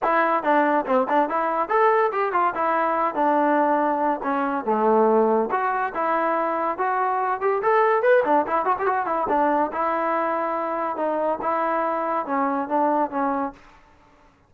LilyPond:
\new Staff \with { instrumentName = "trombone" } { \time 4/4 \tempo 4 = 142 e'4 d'4 c'8 d'8 e'4 | a'4 g'8 f'8 e'4. d'8~ | d'2 cis'4 a4~ | a4 fis'4 e'2 |
fis'4. g'8 a'4 b'8 d'8 | e'8 fis'16 g'16 fis'8 e'8 d'4 e'4~ | e'2 dis'4 e'4~ | e'4 cis'4 d'4 cis'4 | }